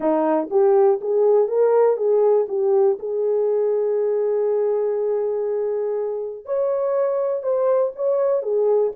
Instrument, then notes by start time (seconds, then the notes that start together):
horn
0.00 D#4
0.50 G4
1.01 G#4
1.48 A#4
1.96 G#4
2.48 G4
2.99 G#4
6.45 C#5
7.42 C5
7.95 C#5
8.42 G#4